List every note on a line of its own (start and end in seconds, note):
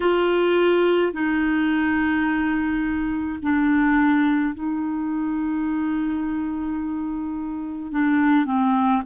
0.00 1.12 F4
1.12 3.39 D#4
3.42 4.54 D4
4.54 7.91 D#4
7.91 8.45 D4
8.45 9.02 C4